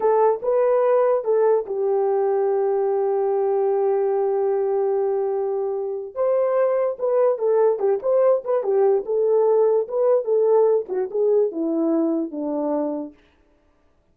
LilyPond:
\new Staff \with { instrumentName = "horn" } { \time 4/4 \tempo 4 = 146 a'4 b'2 a'4 | g'1~ | g'1~ | g'2. c''4~ |
c''4 b'4 a'4 g'8 c''8~ | c''8 b'8 g'4 a'2 | b'4 a'4. fis'8 gis'4 | e'2 d'2 | }